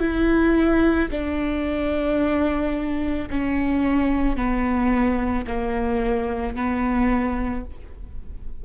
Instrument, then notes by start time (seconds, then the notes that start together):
viola
0.00 E4
1.10 D4
3.30 C#4
4.36 B3
5.47 A#3
6.55 B3